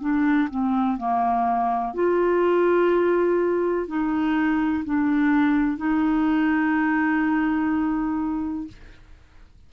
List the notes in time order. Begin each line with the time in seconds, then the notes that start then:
0.00 D4
0.50 C4
0.97 A#3
1.94 F4
3.87 D#4
4.85 D4
5.77 D#4